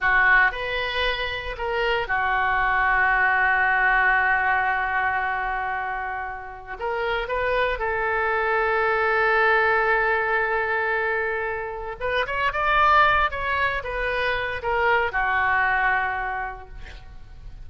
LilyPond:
\new Staff \with { instrumentName = "oboe" } { \time 4/4 \tempo 4 = 115 fis'4 b'2 ais'4 | fis'1~ | fis'1~ | fis'4 ais'4 b'4 a'4~ |
a'1~ | a'2. b'8 cis''8 | d''4. cis''4 b'4. | ais'4 fis'2. | }